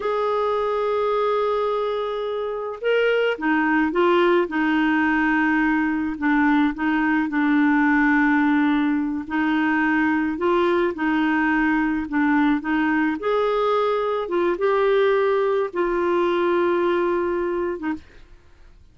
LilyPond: \new Staff \with { instrumentName = "clarinet" } { \time 4/4 \tempo 4 = 107 gis'1~ | gis'4 ais'4 dis'4 f'4 | dis'2. d'4 | dis'4 d'2.~ |
d'8 dis'2 f'4 dis'8~ | dis'4. d'4 dis'4 gis'8~ | gis'4. f'8 g'2 | f'2.~ f'8. dis'16 | }